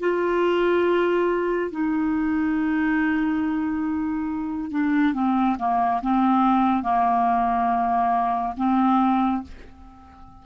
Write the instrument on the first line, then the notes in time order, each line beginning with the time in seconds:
clarinet
0.00 F4
1.71 D#4
4.71 D4
5.14 C4
5.59 A#3
6.02 C4
6.83 A#3
8.57 C4